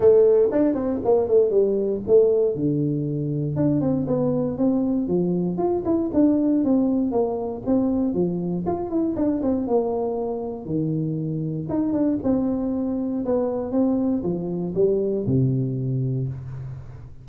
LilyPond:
\new Staff \with { instrumentName = "tuba" } { \time 4/4 \tempo 4 = 118 a4 d'8 c'8 ais8 a8 g4 | a4 d2 d'8 c'8 | b4 c'4 f4 f'8 e'8 | d'4 c'4 ais4 c'4 |
f4 f'8 e'8 d'8 c'8 ais4~ | ais4 dis2 dis'8 d'8 | c'2 b4 c'4 | f4 g4 c2 | }